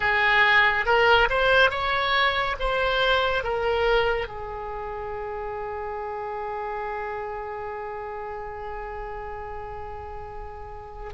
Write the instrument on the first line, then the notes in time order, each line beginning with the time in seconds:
oboe
0.00 G#4
0.85 A#4
1.29 C5
1.70 C#5
2.59 C5
3.43 A#4
4.27 G#4